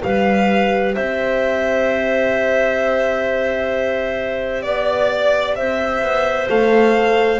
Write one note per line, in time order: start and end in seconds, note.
0.00 0.97 G3
0.00 6.46 G4
0.00 0.94 B4
0.00 0.94 F5
0.94 4.65 C4
0.94 4.64 C5
0.94 4.62 E5
4.62 5.57 B3
4.62 5.54 D5
4.62 5.57 D5
5.55 6.02 C4
5.55 7.40 C5
5.55 6.47 E5
6.02 6.48 B3
6.49 7.40 A3
6.49 7.40 A4
6.49 7.40 F5